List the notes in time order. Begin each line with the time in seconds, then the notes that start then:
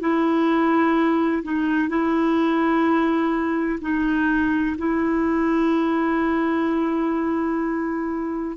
0.00 E4
1.43 D#4
1.89 E4
3.81 D#4
4.77 E4